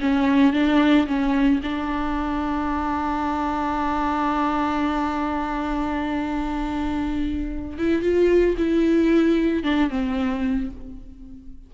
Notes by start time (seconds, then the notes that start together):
0.00 C#4
0.53 D4
1.07 C#4
1.63 D4
7.78 E4
8.02 F4
8.57 E4
9.63 D4
9.90 C4